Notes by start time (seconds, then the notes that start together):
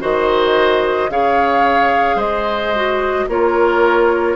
0.00 D#3 F#4 C5 D#5
1.09 C#3 G#4 C#5 F5
2.15 G#3 C5 D#5
2.75 F#4
3.29 A#3 F4 A#4 C#5